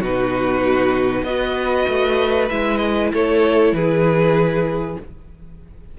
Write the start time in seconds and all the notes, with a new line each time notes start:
0.00 B2 D#4 F#4 B4
1.23 B3 F#4 B4 D#5
1.88 A3
2.49 G#3 E4 E5
2.77 D#5
3.13 A3 A4 C#5
3.72 E3 G#4 B4